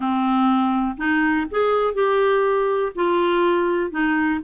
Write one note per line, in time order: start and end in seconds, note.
0.00 0.96 C4
0.97 1.46 D#4
1.50 1.94 G#4
1.94 2.92 G4
2.95 3.91 F4
3.91 4.40 D#4